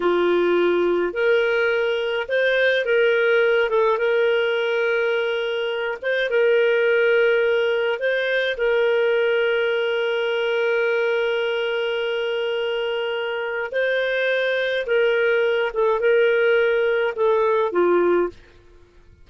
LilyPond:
\new Staff \with { instrumentName = "clarinet" } { \time 4/4 \tempo 4 = 105 f'2 ais'2 | c''4 ais'4. a'8 ais'4~ | ais'2~ ais'8 c''8 ais'4~ | ais'2 c''4 ais'4~ |
ais'1~ | ais'1 | c''2 ais'4. a'8 | ais'2 a'4 f'4 | }